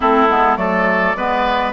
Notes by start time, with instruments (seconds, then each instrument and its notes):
0.00 bassoon A3, clarinet C4, oboe E4, flute A4
0.28 bassoon G#3, clarinet B3
0.56 bassoon F#3, clarinet A3, oboe A4, flute D5
1.15 bassoon G#3, clarinet B3, oboe B4